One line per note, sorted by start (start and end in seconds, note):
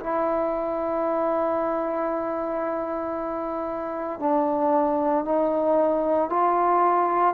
0.00 4.20 E4
4.20 5.25 D4
5.25 6.30 D#4
6.30 7.34 F4